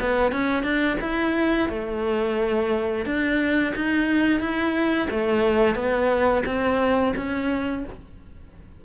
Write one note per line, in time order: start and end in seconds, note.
0.00 0.32 B3
0.32 0.63 C#4
0.63 0.97 D4
1.01 1.69 E4
1.69 3.06 A3
3.06 3.74 D4
3.75 4.40 D#4
4.40 5.08 E4
5.10 5.75 A3
5.75 6.43 B3
6.46 7.14 C4
7.16 7.84 C#4